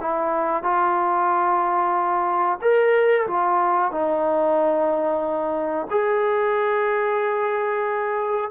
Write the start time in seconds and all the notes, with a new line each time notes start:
0.00 E4
0.63 F4
2.61 A#4
3.27 F4
3.91 D#4
5.90 G#4